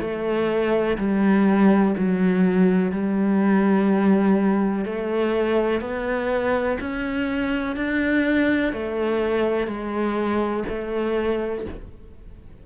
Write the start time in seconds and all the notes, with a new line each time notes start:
0.00 A3
0.98 G3
1.98 F#3
2.92 G3
4.85 A3
5.81 B3
6.80 C#4
7.76 D4
8.73 A3
9.67 G#3
10.69 A3